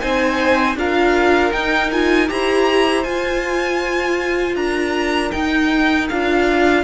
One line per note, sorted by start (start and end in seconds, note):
0.00 0.76 C4
0.00 0.76 D#4
0.00 0.77 C5
0.00 0.76 G#5
0.76 1.52 D4
0.76 1.52 F4
0.76 2.31 A#4
0.76 1.53 F5
1.52 1.90 D#4
1.52 2.30 D#4
1.52 1.91 G5
1.92 2.28 F4
1.92 2.29 G#5
2.28 3.05 E4
2.28 3.04 G4
2.28 4.58 C5
2.28 3.04 A#5
3.04 4.56 F4
3.04 5.33 F4
3.04 4.56 G#5
4.56 5.31 D4
4.56 6.84 A#4
4.56 5.32 A#5
5.32 6.09 D#4
5.32 6.11 D#4
5.32 6.08 G5
6.09 6.84 D4
6.09 6.84 F4
6.09 6.84 F5